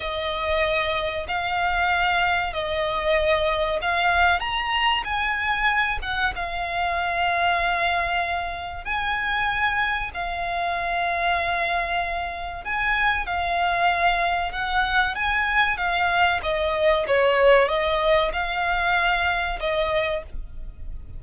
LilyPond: \new Staff \with { instrumentName = "violin" } { \time 4/4 \tempo 4 = 95 dis''2 f''2 | dis''2 f''4 ais''4 | gis''4. fis''8 f''2~ | f''2 gis''2 |
f''1 | gis''4 f''2 fis''4 | gis''4 f''4 dis''4 cis''4 | dis''4 f''2 dis''4 | }